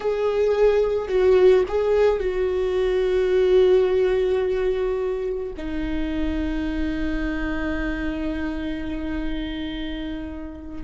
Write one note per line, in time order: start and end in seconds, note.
0.00 1.08 G#4
1.08 1.64 F#4
1.68 2.19 G#4
2.19 5.53 F#4
5.57 10.83 D#4